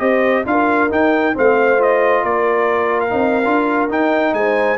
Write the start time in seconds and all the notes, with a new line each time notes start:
0.00 C4 G4 C5 D#5
0.46 D4 F4 A#4 F5
0.90 D#4 G5
1.35 A3 C4 C5 F5
1.78 F4 D#5
2.24 A#3 A#4 D5
3.01 F5
3.10 C4 D#4
3.45 D4 F4
3.89 D#4 G5
4.33 G#3 C5 G#5